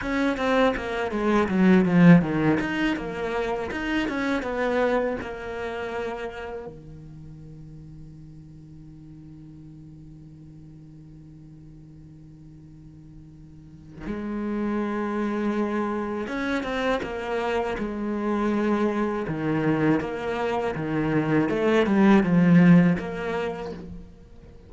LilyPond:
\new Staff \with { instrumentName = "cello" } { \time 4/4 \tempo 4 = 81 cis'8 c'8 ais8 gis8 fis8 f8 dis8 dis'8 | ais4 dis'8 cis'8 b4 ais4~ | ais4 dis2.~ | dis1~ |
dis2. gis4~ | gis2 cis'8 c'8 ais4 | gis2 dis4 ais4 | dis4 a8 g8 f4 ais4 | }